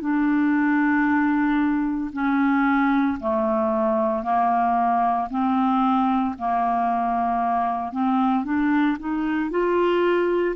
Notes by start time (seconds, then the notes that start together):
0.00 D4
2.12 C#4
3.20 A3
4.23 A#3
5.30 C4
6.38 A#3
7.91 C4
8.44 D4
8.99 D#4
9.50 F4